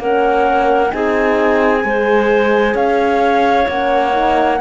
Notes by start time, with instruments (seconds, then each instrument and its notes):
0.00 cello A#3, horn C#4, clarinet A#4, flute F#5
0.88 horn D#4, flute G#5
0.94 cello C4, clarinet G#4
1.83 cello G#3, horn G#4, clarinet C5
2.75 cello C#4, clarinet C#5, flute F5
3.69 cello A#3, horn C#4, flute F#5
4.12 horn D#4